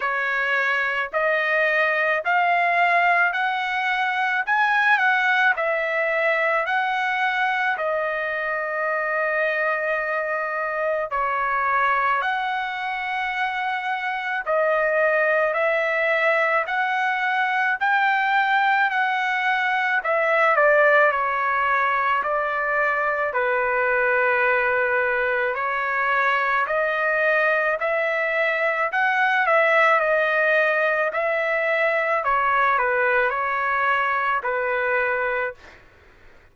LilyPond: \new Staff \with { instrumentName = "trumpet" } { \time 4/4 \tempo 4 = 54 cis''4 dis''4 f''4 fis''4 | gis''8 fis''8 e''4 fis''4 dis''4~ | dis''2 cis''4 fis''4~ | fis''4 dis''4 e''4 fis''4 |
g''4 fis''4 e''8 d''8 cis''4 | d''4 b'2 cis''4 | dis''4 e''4 fis''8 e''8 dis''4 | e''4 cis''8 b'8 cis''4 b'4 | }